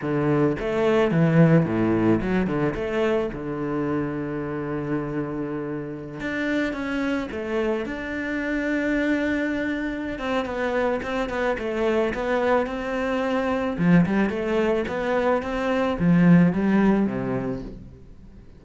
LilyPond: \new Staff \with { instrumentName = "cello" } { \time 4/4 \tempo 4 = 109 d4 a4 e4 a,4 | fis8 d8 a4 d2~ | d2.~ d16 d'8.~ | d'16 cis'4 a4 d'4.~ d'16~ |
d'2~ d'8 c'8 b4 | c'8 b8 a4 b4 c'4~ | c'4 f8 g8 a4 b4 | c'4 f4 g4 c4 | }